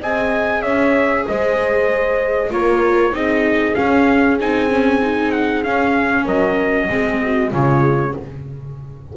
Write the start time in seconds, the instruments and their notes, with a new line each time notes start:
0.00 double bass C4, viola G#4, horn D#5, trumpet G#5
0.62 double bass C#4, horn C#5, trumpet E5
1.27 double bass G#3, horn C5, trumpet D#5
2.50 double bass A#3, viola F4, horn A#4, trumpet C#5
3.12 double bass C4, viola D#4, horn G#4, trumpet D#5
3.75 viola C#4, double bass C#4, trumpet F5
4.40 double bass C4, viola D#4, trumpet G#5
4.70 viola C#4
5.02 viola D#4
5.32 trumpet F#5
5.63 viola C#4, double bass C#4, trumpet F5
6.24 double bass F#3, horn A#4, trumpet D#5
6.89 double bass G#3, viola C4, horn G#4
7.23 horn F#4
7.50 double bass C#3, viola G#3, horn F4, trumpet C#5